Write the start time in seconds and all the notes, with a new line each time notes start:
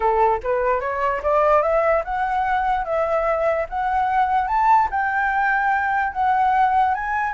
0.00 A4
0.43 B4
0.80 C#5
1.22 D5
1.62 E5
2.04 F#5
2.84 E5
3.69 F#5
4.47 A5
4.91 G5
6.12 F#5
6.94 G#5